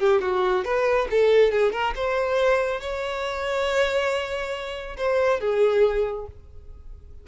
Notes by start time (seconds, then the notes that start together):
0.00 G4
0.22 F#4
0.65 B4
1.11 A4
1.52 G#4
1.73 A#4
1.96 C5
2.81 C#5
4.98 C5
5.41 G#4